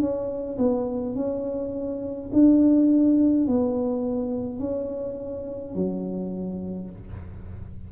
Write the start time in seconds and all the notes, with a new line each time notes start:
0.00 C#4
0.58 B3
1.15 C#4
2.33 D4
3.47 B3
4.59 C#4
5.75 F#3